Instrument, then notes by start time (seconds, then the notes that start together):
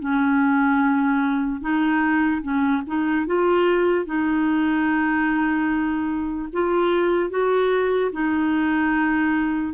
clarinet
0.00 C#4
1.61 D#4
2.43 C#4
2.87 D#4
3.27 F4
4.06 D#4
6.53 F4
7.30 F#4
8.12 D#4